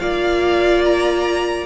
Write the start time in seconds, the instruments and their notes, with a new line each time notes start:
0.00 cello A#3, viola F4, violin D5 F5
0.85 violin A#5